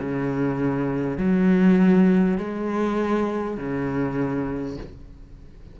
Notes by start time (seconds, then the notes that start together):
0.00 C#3
1.18 F#3
2.38 G#3
3.58 C#3